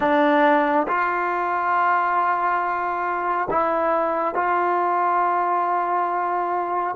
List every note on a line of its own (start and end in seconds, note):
0.00 0.87 D4
0.87 3.48 F4
3.50 4.34 E4
4.34 6.95 F4